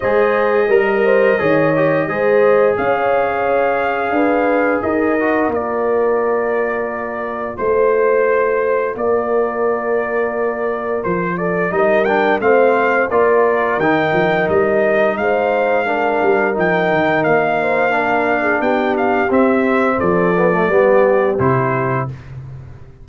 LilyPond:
<<
  \new Staff \with { instrumentName = "trumpet" } { \time 4/4 \tempo 4 = 87 dis''1 | f''2. dis''4 | d''2. c''4~ | c''4 d''2. |
c''8 d''8 dis''8 g''8 f''4 d''4 | g''4 dis''4 f''2 | g''4 f''2 g''8 f''8 | e''4 d''2 c''4 | }
  \new Staff \with { instrumentName = "horn" } { \time 4/4 c''4 ais'8 c''8 cis''4 c''4 | cis''2 b'4 ais'4~ | ais'2. c''4~ | c''4 ais'2.~ |
ais'8 a'8 ais'4 c''4 ais'4~ | ais'2 c''4 ais'4~ | ais'4. c''8 ais'8. gis'16 g'4~ | g'4 a'4 g'2 | }
  \new Staff \with { instrumentName = "trombone" } { \time 4/4 gis'4 ais'4 gis'8 g'8 gis'4~ | gis'2.~ gis'8 fis'8 | f'1~ | f'1~ |
f'4 dis'8 d'8 c'4 f'4 | dis'2. d'4 | dis'2 d'2 | c'4. b16 a16 b4 e'4 | }
  \new Staff \with { instrumentName = "tuba" } { \time 4/4 gis4 g4 dis4 gis4 | cis'2 d'4 dis'4 | ais2. a4~ | a4 ais2. |
f4 g4 a4 ais4 | dis8 f8 g4 gis4. g8 | f8 dis8 ais2 b4 | c'4 f4 g4 c4 | }
>>